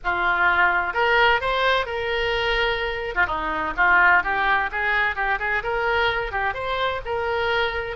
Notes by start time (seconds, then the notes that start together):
0.03 F4
0.93 A#4
1.40 C5
1.86 A#4
3.14 F4
3.26 D#4
3.76 F4
4.23 G4
4.71 G#4
5.15 G4
5.39 G#4
5.63 A#4
6.31 G4
6.54 C5
7.05 A#4